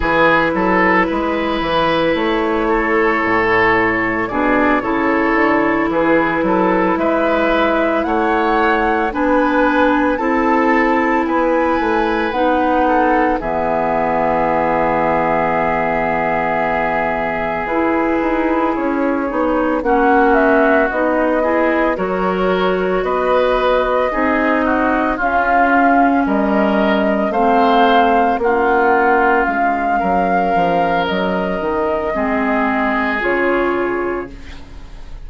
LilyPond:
<<
  \new Staff \with { instrumentName = "flute" } { \time 4/4 \tempo 4 = 56 b'2 cis''2 | d''8 cis''4 b'4 e''4 fis''8~ | fis''8 gis''4 a''4 gis''4 fis''8~ | fis''8 e''2.~ e''8~ |
e''8 b'4 cis''4 fis''8 e''8 dis''8~ | dis''8 cis''4 dis''2 f''8~ | f''8 dis''4 f''4 fis''4 f''8~ | f''4 dis''2 cis''4 | }
  \new Staff \with { instrumentName = "oboe" } { \time 4/4 gis'8 a'8 b'4. a'4. | gis'8 a'4 gis'8 a'8 b'4 cis''8~ | cis''8 b'4 a'4 b'4. | a'8 gis'2.~ gis'8~ |
gis'2~ gis'8 fis'4. | gis'8 ais'4 b'4 gis'8 fis'8 f'8~ | f'8 ais'4 c''4 f'4. | ais'2 gis'2 | }
  \new Staff \with { instrumentName = "clarinet" } { \time 4/4 e'1 | d'8 e'2.~ e'8~ | e'8 d'4 e'2 dis'8~ | dis'8 b2.~ b8~ |
b8 e'4. dis'8 cis'4 dis'8 | e'8 fis'2 dis'4 cis'8~ | cis'4. c'4 cis'4.~ | cis'2 c'4 f'4 | }
  \new Staff \with { instrumentName = "bassoon" } { \time 4/4 e8 fis8 gis8 e8 a4 a,4 | b,8 cis8 d8 e8 fis8 gis4 a8~ | a8 b4 c'4 b8 a8 b8~ | b8 e2.~ e8~ |
e8 e'8 dis'8 cis'8 b8 ais4 b8~ | b8 fis4 b4 c'4 cis'8~ | cis'8 g4 a4 ais4 gis8 | fis8 f8 fis8 dis8 gis4 cis4 | }
>>